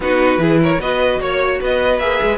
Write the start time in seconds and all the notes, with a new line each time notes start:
0.00 B3 D#4 F#4 B4
0.37 E3 E4 G#4
0.61 A#4 C#5
0.79 B3 F#4 B4 D#5
1.20 A#3 C#5
1.60 B3 B4 D#5
1.98 A#3 G#4 E5
2.22 G#3